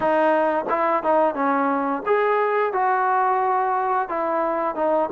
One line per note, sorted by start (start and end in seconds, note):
0.00 0.65 D#4
0.69 1.03 E4
1.03 1.34 D#4
1.34 2.02 C#4
2.06 2.72 G#4
2.72 4.08 F#4
4.08 4.75 E4
4.75 5.09 D#4